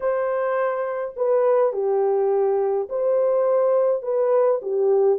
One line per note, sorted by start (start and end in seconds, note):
0.00 1.14 C5
1.16 1.73 B4
1.73 2.88 G4
2.89 4.02 C5
4.02 4.60 B4
4.62 5.19 G4